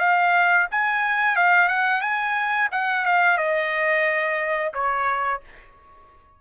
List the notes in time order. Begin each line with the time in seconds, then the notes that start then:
0.00 F5
0.71 G#5
1.36 F5
1.69 F#5
2.01 G#5
2.72 F#5
3.06 F5
3.38 D#5
4.74 C#5